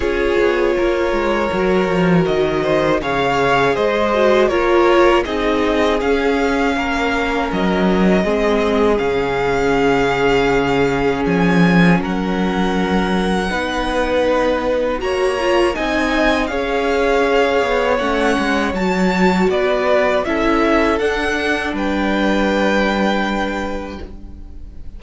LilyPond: <<
  \new Staff \with { instrumentName = "violin" } { \time 4/4 \tempo 4 = 80 cis''2. dis''4 | f''4 dis''4 cis''4 dis''4 | f''2 dis''2 | f''2. gis''4 |
fis''1 | ais''4 gis''4 f''2 | fis''4 a''4 d''4 e''4 | fis''4 g''2. | }
  \new Staff \with { instrumentName = "violin" } { \time 4/4 gis'4 ais'2~ ais'8 c''8 | cis''4 c''4 ais'4 gis'4~ | gis'4 ais'2 gis'4~ | gis'1 |
ais'2 b'2 | cis''4 dis''4 cis''2~ | cis''2 b'4 a'4~ | a'4 b'2. | }
  \new Staff \with { instrumentName = "viola" } { \time 4/4 f'2 fis'2 | gis'4. fis'8 f'4 dis'4 | cis'2. c'4 | cis'1~ |
cis'2 dis'2 | fis'8 f'8 dis'4 gis'2 | cis'4 fis'2 e'4 | d'1 | }
  \new Staff \with { instrumentName = "cello" } { \time 4/4 cis'8 b8 ais8 gis8 fis8 f8 dis4 | cis4 gis4 ais4 c'4 | cis'4 ais4 fis4 gis4 | cis2. f4 |
fis2 b2 | ais4 c'4 cis'4. b8 | a8 gis8 fis4 b4 cis'4 | d'4 g2. | }
>>